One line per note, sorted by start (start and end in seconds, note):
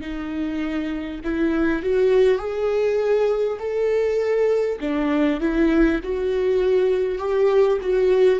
0.00 1.20 D#4
1.23 1.82 E4
1.82 2.38 F#4
2.38 3.58 G#4
3.59 4.79 A4
4.80 5.40 D4
5.40 6.00 E4
6.03 7.18 F#4
7.18 7.78 G4
7.81 8.39 F#4